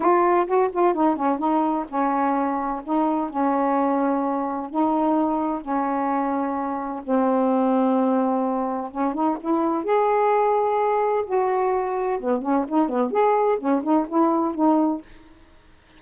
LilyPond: \new Staff \with { instrumentName = "saxophone" } { \time 4/4 \tempo 4 = 128 f'4 fis'8 f'8 dis'8 cis'8 dis'4 | cis'2 dis'4 cis'4~ | cis'2 dis'2 | cis'2. c'4~ |
c'2. cis'8 dis'8 | e'4 gis'2. | fis'2 b8 cis'8 dis'8 b8 | gis'4 cis'8 dis'8 e'4 dis'4 | }